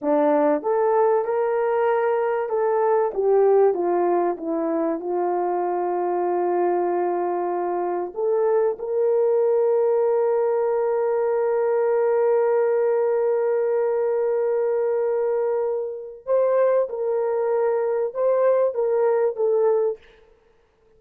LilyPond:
\new Staff \with { instrumentName = "horn" } { \time 4/4 \tempo 4 = 96 d'4 a'4 ais'2 | a'4 g'4 f'4 e'4 | f'1~ | f'4 a'4 ais'2~ |
ais'1~ | ais'1~ | ais'2 c''4 ais'4~ | ais'4 c''4 ais'4 a'4 | }